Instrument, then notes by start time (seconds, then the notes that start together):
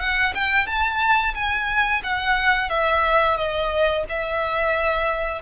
violin
0.00 F#5
0.35 G5
0.67 A5
1.35 G#5
2.04 F#5
2.70 E5
3.37 D#5
4.09 E5